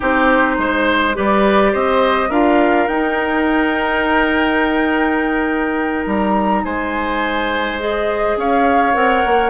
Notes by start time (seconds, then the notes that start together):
0.00 C4 D#4 G4 C5
0.57 G#3 C5
1.13 G3 G4 B4 D5
1.72 C4 C5 D#5
2.29 D4 F4 A#4 F5
2.87 D#4 G5
6.06 G3 A#5
6.64 G#3 C5 G#5
7.80 G#4 D#5
8.36 C#4 C#5 F5
8.93 C4 A#4 F#5
9.25 A#3